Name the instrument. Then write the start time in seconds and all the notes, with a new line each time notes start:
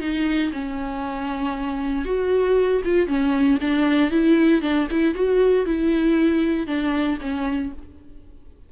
viola
0.00 D#4
0.52 C#4
2.05 F#4
2.84 F4
3.07 C#4
3.61 D4
4.11 E4
4.62 D4
4.90 E4
5.14 F#4
5.65 E4
6.67 D4
7.21 C#4